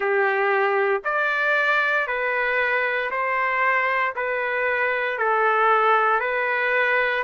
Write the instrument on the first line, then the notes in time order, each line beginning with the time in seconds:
trumpet
0.00 G4
1.04 D5
2.07 B4
3.10 C5
4.15 B4
5.18 A4
6.20 B4